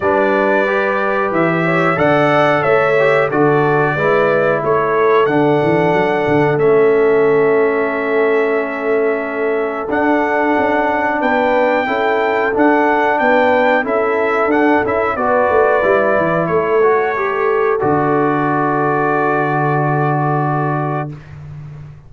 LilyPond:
<<
  \new Staff \with { instrumentName = "trumpet" } { \time 4/4 \tempo 4 = 91 d''2 e''4 fis''4 | e''4 d''2 cis''4 | fis''2 e''2~ | e''2. fis''4~ |
fis''4 g''2 fis''4 | g''4 e''4 fis''8 e''8 d''4~ | d''4 cis''2 d''4~ | d''1 | }
  \new Staff \with { instrumentName = "horn" } { \time 4/4 b'2~ b'8 cis''8 d''4 | cis''4 a'4 b'4 a'4~ | a'1~ | a'1~ |
a'4 b'4 a'2 | b'4 a'2 b'4~ | b'4 a'2.~ | a'1 | }
  \new Staff \with { instrumentName = "trombone" } { \time 4/4 d'4 g'2 a'4~ | a'8 g'8 fis'4 e'2 | d'2 cis'2~ | cis'2. d'4~ |
d'2 e'4 d'4~ | d'4 e'4 d'8 e'8 fis'4 | e'4. fis'8 g'4 fis'4~ | fis'1 | }
  \new Staff \with { instrumentName = "tuba" } { \time 4/4 g2 e4 d4 | a4 d4 gis4 a4 | d8 e8 fis8 d8 a2~ | a2. d'4 |
cis'4 b4 cis'4 d'4 | b4 cis'4 d'8 cis'8 b8 a8 | g8 e8 a2 d4~ | d1 | }
>>